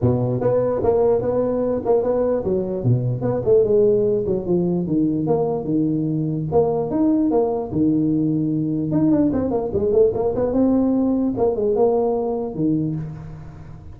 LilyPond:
\new Staff \with { instrumentName = "tuba" } { \time 4/4 \tempo 4 = 148 b,4 b4 ais4 b4~ | b8 ais8 b4 fis4 b,4 | b8 a8 gis4. fis8 f4 | dis4 ais4 dis2 |
ais4 dis'4 ais4 dis4~ | dis2 dis'8 d'8 c'8 ais8 | gis8 a8 ais8 b8 c'2 | ais8 gis8 ais2 dis4 | }